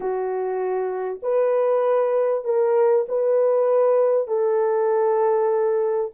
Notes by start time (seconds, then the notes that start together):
0.00 F#4
1.22 B4
2.44 A#4
3.08 B4
4.27 A4